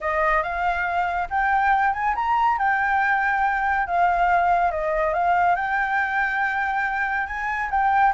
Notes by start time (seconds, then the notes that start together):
0.00 D#5
0.42 F5
1.30 G5
1.93 G#5
2.15 A#5
2.58 G5
3.86 F5
4.71 D#5
5.13 F5
5.55 G5
7.26 G#5
7.70 G5